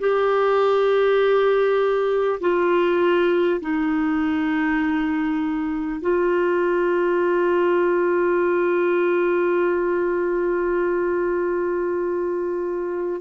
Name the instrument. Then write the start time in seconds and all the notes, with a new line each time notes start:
clarinet
0.00 G4
2.41 F4
3.61 D#4
6.01 F4